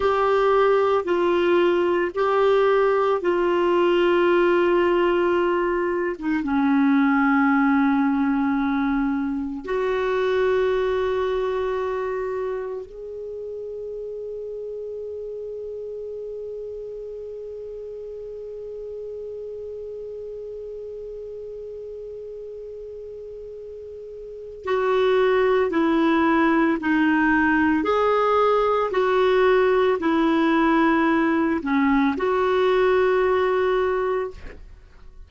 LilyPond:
\new Staff \with { instrumentName = "clarinet" } { \time 4/4 \tempo 4 = 56 g'4 f'4 g'4 f'4~ | f'4.~ f'16 dis'16 cis'2~ | cis'4 fis'2. | gis'1~ |
gis'1~ | gis'2. fis'4 | e'4 dis'4 gis'4 fis'4 | e'4. cis'8 fis'2 | }